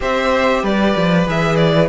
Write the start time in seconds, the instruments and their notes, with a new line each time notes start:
0.00 cello C4, viola G4, violin C5 E5
0.62 cello G3, violin B4 D5
0.96 cello F3
1.26 cello E3, viola G#4, violin E5
1.56 violin D5